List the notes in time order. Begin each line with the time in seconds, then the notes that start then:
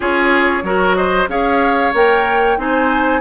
0.00 C#4 F4 G#4 C#5
0.62 F#3 F#4 A#4
0.95 C5 D#5
1.27 C#4 G#4 C#5 F5
1.93 A#3 A#4 G5
2.57 C4 D#4 C5 G#5